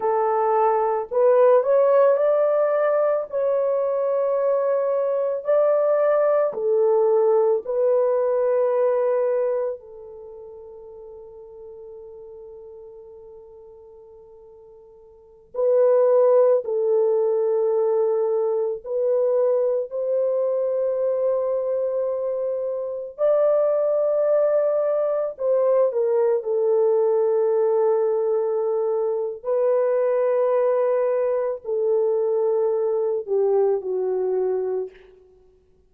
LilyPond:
\new Staff \with { instrumentName = "horn" } { \time 4/4 \tempo 4 = 55 a'4 b'8 cis''8 d''4 cis''4~ | cis''4 d''4 a'4 b'4~ | b'4 a'2.~ | a'2~ a'16 b'4 a'8.~ |
a'4~ a'16 b'4 c''4.~ c''16~ | c''4~ c''16 d''2 c''8 ais'16~ | ais'16 a'2~ a'8. b'4~ | b'4 a'4. g'8 fis'4 | }